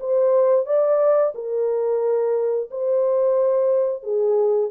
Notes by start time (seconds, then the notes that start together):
0.00 C5
0.66 D5
1.35 A#4
2.71 C5
4.03 G#4